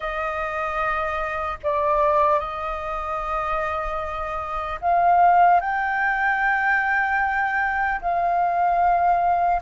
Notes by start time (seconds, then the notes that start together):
0.00 D#5
1.63 D5
2.39 D#5
4.81 F5
5.60 G5
8.01 F5